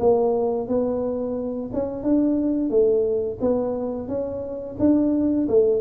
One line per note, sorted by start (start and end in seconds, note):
0.00 0.68 A#3
0.68 1.71 B3
1.74 2.04 C#4
2.04 2.70 D4
2.70 3.38 A3
3.42 4.08 B3
4.08 4.77 C#4
4.80 5.48 D4
5.49 5.81 A3